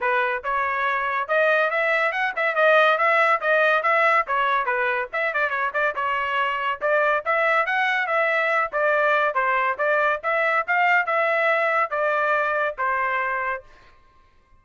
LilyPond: \new Staff \with { instrumentName = "trumpet" } { \time 4/4 \tempo 4 = 141 b'4 cis''2 dis''4 | e''4 fis''8 e''8 dis''4 e''4 | dis''4 e''4 cis''4 b'4 | e''8 d''8 cis''8 d''8 cis''2 |
d''4 e''4 fis''4 e''4~ | e''8 d''4. c''4 d''4 | e''4 f''4 e''2 | d''2 c''2 | }